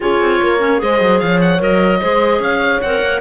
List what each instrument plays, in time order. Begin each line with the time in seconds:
0.00 cello C#4, clarinet F4, horn G#4, oboe C#5
0.20 cello C4
0.42 cello A#3, horn A#4
0.59 clarinet C#4
0.78 cello G#3, clarinet G#4, horn C5, oboe D#5
1.00 cello F#3
1.19 cello F3, horn C#5, oboe F5
1.41 oboe F#5
1.59 cello F#3, clarinet A#4, oboe D#5
2.01 cello G#3, clarinet G#4, horn C5
2.39 cello C#4, horn C#5, oboe F5
2.81 cello C4, clarinet A#4, oboe F#5
3.01 cello A#3